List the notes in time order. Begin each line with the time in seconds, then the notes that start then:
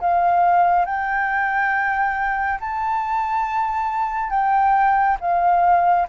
0.00 F5
0.85 G5
2.60 A5
4.30 G5
5.20 F5